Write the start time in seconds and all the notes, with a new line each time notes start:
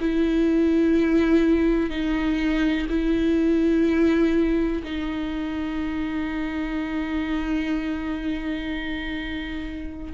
0.00 E4
1.90 D#4
2.89 E4
4.84 D#4